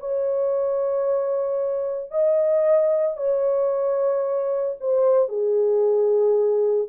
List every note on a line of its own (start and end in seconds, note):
0.00 2.11 C#5
2.11 3.17 D#5
3.17 4.76 C#5
4.81 5.29 C5
5.29 6.88 G#4